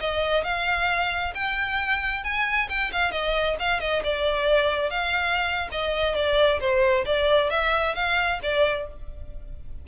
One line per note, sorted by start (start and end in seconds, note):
0.00 0.44 D#5
0.44 1.33 F5
1.34 2.24 G5
2.24 2.68 G#5
2.69 2.91 G5
2.92 3.11 F5
3.11 3.56 D#5
3.59 3.80 F5
3.80 4.02 D#5
4.04 4.90 D5
4.90 5.68 F5
5.71 6.15 D#5
6.15 6.60 D5
6.60 7.05 C5
7.05 7.50 D5
7.50 7.95 E5
7.95 8.40 F5
8.43 8.87 D5